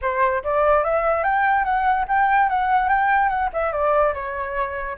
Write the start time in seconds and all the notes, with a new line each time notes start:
0.01 C5
0.43 D5
0.84 E5
1.23 G5
1.64 F#5
2.07 G5
2.49 F#5
2.89 G5
3.28 F#5
3.53 E5
3.72 D5
4.13 C#5